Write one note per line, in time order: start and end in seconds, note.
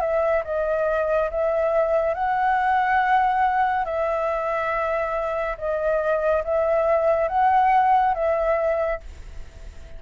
0.00 0.43 E5
0.44 1.30 D#5
1.31 2.14 E5
2.14 3.85 F#5
3.85 5.56 E5
5.58 6.43 D#5
6.44 7.28 E5
7.28 8.14 F#5
8.14 9.00 E5